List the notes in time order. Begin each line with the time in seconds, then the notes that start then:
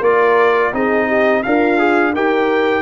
0.00 A#3 F4 A#4 D5
0.73 C4 D#4 G#4 D#5
1.07 G4
1.43 D4 F4 A#4 F5
1.79 G#4
2.13 D#4 G4 A#4 G5